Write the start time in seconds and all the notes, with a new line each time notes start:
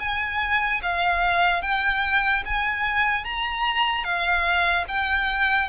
0.00 G#5
0.83 F5
1.63 G5
2.46 G#5
3.25 A#5
4.04 F5
4.88 G5